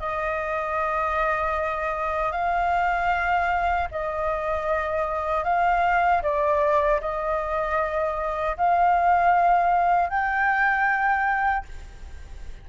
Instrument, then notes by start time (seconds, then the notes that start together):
flute
0.00 D#5
2.32 F5
3.91 D#5
5.44 F5
6.23 D5
7.01 D#5
8.57 F5
10.10 G5